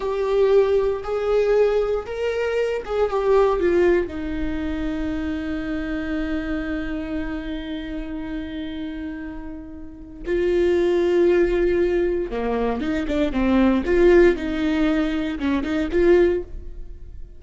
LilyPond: \new Staff \with { instrumentName = "viola" } { \time 4/4 \tempo 4 = 117 g'2 gis'2 | ais'4. gis'8 g'4 f'4 | dis'1~ | dis'1~ |
dis'1 | f'1 | ais4 dis'8 d'8 c'4 f'4 | dis'2 cis'8 dis'8 f'4 | }